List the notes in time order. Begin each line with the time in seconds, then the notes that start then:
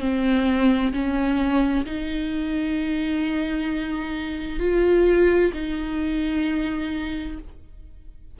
0.00 C4
0.93 C#4
1.85 D#4
4.59 F4
5.53 D#4